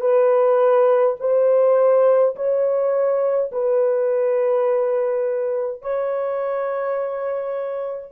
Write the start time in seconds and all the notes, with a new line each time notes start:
0.00 B4
1.20 C5
2.35 C#5
3.51 B4
5.82 C#5